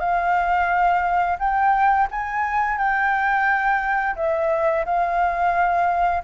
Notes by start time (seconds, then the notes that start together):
0.00 F5
1.39 G5
2.11 G#5
2.78 G5
4.16 E5
4.86 F5